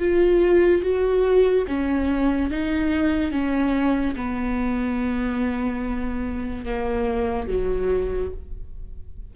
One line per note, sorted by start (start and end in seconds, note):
0.00 0.83 F4
0.83 1.66 F#4
1.68 2.51 C#4
2.51 3.32 D#4
3.32 4.16 C#4
4.16 6.66 B3
6.66 7.48 A#3
7.48 8.31 F#3